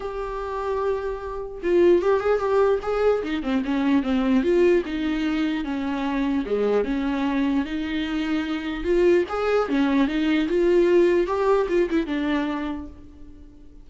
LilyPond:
\new Staff \with { instrumentName = "viola" } { \time 4/4 \tempo 4 = 149 g'1 | f'4 g'8 gis'8 g'4 gis'4 | dis'8 c'8 cis'4 c'4 f'4 | dis'2 cis'2 |
gis4 cis'2 dis'4~ | dis'2 f'4 gis'4 | cis'4 dis'4 f'2 | g'4 f'8 e'8 d'2 | }